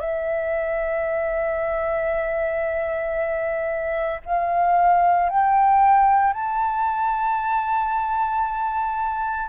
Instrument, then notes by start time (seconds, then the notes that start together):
flute
0.00 E5
4.26 F5
5.30 G5
6.33 A5